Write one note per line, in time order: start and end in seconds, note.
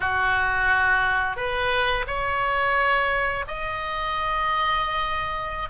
0.00 1.36 F#4
1.36 2.05 B4
2.07 3.45 C#5
3.47 5.69 D#5